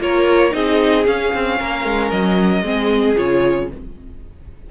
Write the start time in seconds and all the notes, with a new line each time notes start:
0.00 A#3 F4 A#4 C#5
0.51 C4 D#4 G#4 D#5
1.05 C#4 F5
1.34 C4
1.59 A#3 A#4
1.85 G#3
2.11 F#3 D#5
2.62 G#3 C4 G#4
3.16 C#3 F4 C#5